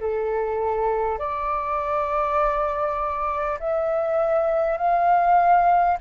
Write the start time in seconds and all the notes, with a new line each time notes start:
0.00 A4
1.18 D5
3.59 E5
4.77 F5